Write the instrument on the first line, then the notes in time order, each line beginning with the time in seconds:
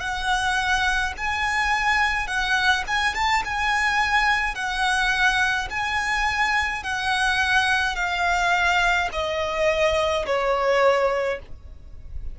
violin
0.00 F#5
1.17 G#5
2.27 F#5
2.88 G#5
3.14 A5
3.45 G#5
4.55 F#5
5.70 G#5
6.83 F#5
7.96 F5
9.12 D#5
10.26 C#5